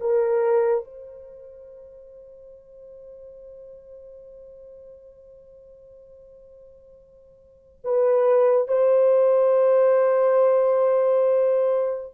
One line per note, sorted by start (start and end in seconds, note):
0.00 0.84 A#4
0.84 7.80 C5
7.84 8.68 B4
8.68 12.14 C5